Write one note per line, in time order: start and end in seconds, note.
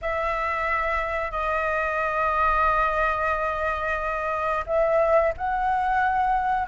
0.01 1.31 E5
1.31 4.64 D#5
4.66 5.33 E5
5.37 6.67 F#5